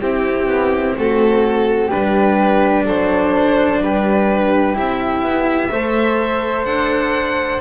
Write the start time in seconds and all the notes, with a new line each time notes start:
0.00 C4 E4 G4
0.47 B3
0.97 A3 F#4 A4
1.87 D4 G4 B4
1.93 G3
2.85 F#3 A4 C5
3.82 G3 G4 B4
4.74 C4 E4 E5
5.23 B3
5.70 A3 A4 C5
6.64 D4 F#5